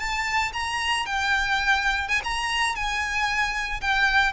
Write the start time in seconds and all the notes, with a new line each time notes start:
0.00 A5
0.54 A#5
1.06 G5
2.09 G#5
2.24 A#5
2.76 G#5
3.81 G5